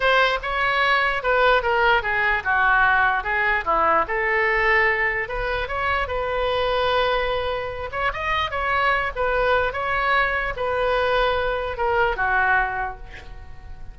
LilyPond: \new Staff \with { instrumentName = "oboe" } { \time 4/4 \tempo 4 = 148 c''4 cis''2 b'4 | ais'4 gis'4 fis'2 | gis'4 e'4 a'2~ | a'4 b'4 cis''4 b'4~ |
b'2.~ b'8 cis''8 | dis''4 cis''4. b'4. | cis''2 b'2~ | b'4 ais'4 fis'2 | }